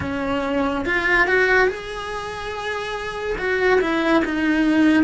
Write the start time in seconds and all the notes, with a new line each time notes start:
0.00 C#4
0.85 F4
1.27 F#4
1.67 G#4
3.38 F#4
3.80 E4
4.24 D#4